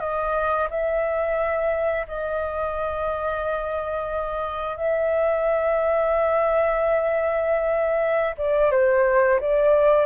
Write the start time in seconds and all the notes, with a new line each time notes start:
0.00 D#5
0.70 E5
2.08 D#5
4.77 E5
8.38 D5
8.71 C5
9.41 D5